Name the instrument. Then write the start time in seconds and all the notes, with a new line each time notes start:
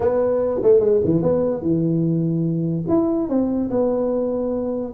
tuba
0.00 B3
0.63 A3
0.79 G#3
1.04 E3
1.22 B3
1.61 E3
2.88 E4
3.29 C4
3.70 B3